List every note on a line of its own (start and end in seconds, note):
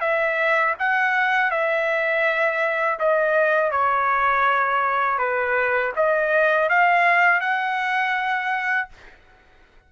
0.00 0.74 E5
0.79 1.51 F#5
1.51 2.99 E5
2.99 3.71 D#5
3.71 5.18 C#5
5.18 5.92 B4
5.96 6.69 D#5
6.69 7.40 F5
7.40 8.89 F#5